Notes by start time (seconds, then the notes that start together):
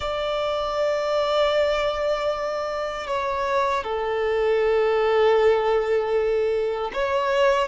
0.00 D5
3.07 C#5
3.83 A4
6.93 C#5